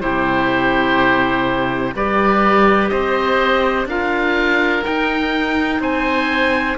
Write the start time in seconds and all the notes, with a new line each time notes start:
0.00 C3 E4 G4 C5
1.95 G3 G4 B4 D5
2.89 C4 C5 D#5
3.86 D4 F4 A#4 F5
4.83 D#4 G5
5.80 C4 C5 G#5